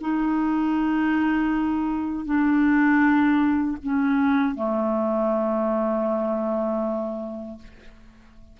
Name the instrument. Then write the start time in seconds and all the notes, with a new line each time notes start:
clarinet
0.00 D#4
2.25 D4
3.83 C#4
4.55 A3